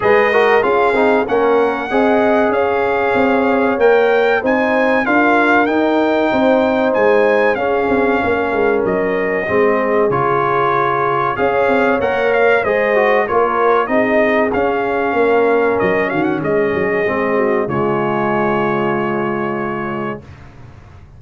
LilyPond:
<<
  \new Staff \with { instrumentName = "trumpet" } { \time 4/4 \tempo 4 = 95 dis''4 f''4 fis''2 | f''2 g''4 gis''4 | f''4 g''2 gis''4 | f''2 dis''2 |
cis''2 f''4 fis''8 f''8 | dis''4 cis''4 dis''4 f''4~ | f''4 dis''8 f''16 fis''16 dis''2 | cis''1 | }
  \new Staff \with { instrumentName = "horn" } { \time 4/4 b'8 ais'8 gis'4 ais'4 dis''4 | cis''2. c''4 | ais'2 c''2 | gis'4 ais'2 gis'4~ |
gis'2 cis''2 | c''4 ais'4 gis'2 | ais'4. fis'8 gis'4. fis'8 | f'1 | }
  \new Staff \with { instrumentName = "trombone" } { \time 4/4 gis'8 fis'8 f'8 dis'8 cis'4 gis'4~ | gis'2 ais'4 dis'4 | f'4 dis'2. | cis'2. c'4 |
f'2 gis'4 ais'4 | gis'8 fis'8 f'4 dis'4 cis'4~ | cis'2. c'4 | gis1 | }
  \new Staff \with { instrumentName = "tuba" } { \time 4/4 gis4 cis'8 c'8 ais4 c'4 | cis'4 c'4 ais4 c'4 | d'4 dis'4 c'4 gis4 | cis'8 c'8 ais8 gis8 fis4 gis4 |
cis2 cis'8 c'8 ais4 | gis4 ais4 c'4 cis'4 | ais4 fis8 dis8 gis8 fis8 gis4 | cis1 | }
>>